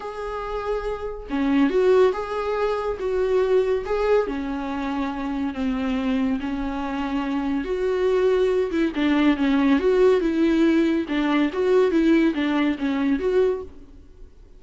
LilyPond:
\new Staff \with { instrumentName = "viola" } { \time 4/4 \tempo 4 = 141 gis'2. cis'4 | fis'4 gis'2 fis'4~ | fis'4 gis'4 cis'2~ | cis'4 c'2 cis'4~ |
cis'2 fis'2~ | fis'8 e'8 d'4 cis'4 fis'4 | e'2 d'4 fis'4 | e'4 d'4 cis'4 fis'4 | }